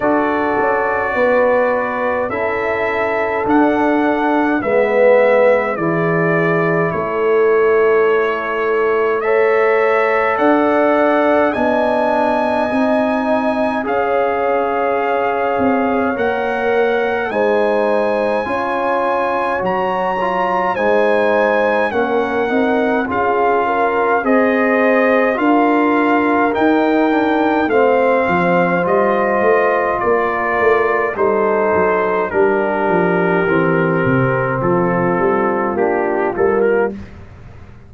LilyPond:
<<
  \new Staff \with { instrumentName = "trumpet" } { \time 4/4 \tempo 4 = 52 d''2 e''4 fis''4 | e''4 d''4 cis''2 | e''4 fis''4 gis''2 | f''2 fis''4 gis''4~ |
gis''4 ais''4 gis''4 fis''4 | f''4 dis''4 f''4 g''4 | f''4 dis''4 d''4 c''4 | ais'2 a'4 g'8 a'16 ais'16 | }
  \new Staff \with { instrumentName = "horn" } { \time 4/4 a'4 b'4 a'2 | b'4 gis'4 a'2 | cis''4 d''4 dis''2 | cis''2. c''4 |
cis''2 c''4 ais'4 | gis'8 ais'8 c''4 ais'2 | c''2 ais'4 a'4 | g'2 f'2 | }
  \new Staff \with { instrumentName = "trombone" } { \time 4/4 fis'2 e'4 d'4 | b4 e'2. | a'2 d'4 dis'4 | gis'2 ais'4 dis'4 |
f'4 fis'8 f'8 dis'4 cis'8 dis'8 | f'4 gis'4 f'4 dis'8 d'8 | c'4 f'2 dis'4 | d'4 c'2 d'8 ais8 | }
  \new Staff \with { instrumentName = "tuba" } { \time 4/4 d'8 cis'8 b4 cis'4 d'4 | gis4 e4 a2~ | a4 d'4 b4 c'4 | cis'4. c'8 ais4 gis4 |
cis'4 fis4 gis4 ais8 c'8 | cis'4 c'4 d'4 dis'4 | a8 f8 g8 a8 ais8 a8 g8 fis8 | g8 f8 e8 c8 f8 g8 ais8 g8 | }
>>